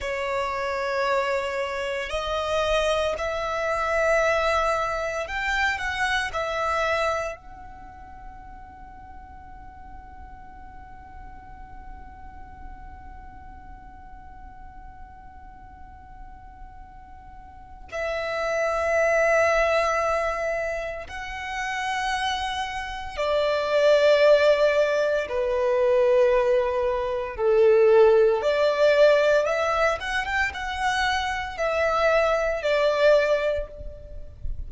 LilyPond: \new Staff \with { instrumentName = "violin" } { \time 4/4 \tempo 4 = 57 cis''2 dis''4 e''4~ | e''4 g''8 fis''8 e''4 fis''4~ | fis''1~ | fis''1~ |
fis''4 e''2. | fis''2 d''2 | b'2 a'4 d''4 | e''8 fis''16 g''16 fis''4 e''4 d''4 | }